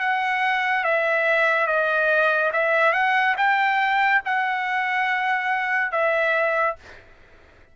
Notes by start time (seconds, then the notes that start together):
0.00 F#5
0.85 E5
1.67 D#5
2.53 E5
2.93 F#5
3.37 G5
4.26 F#5
5.92 E5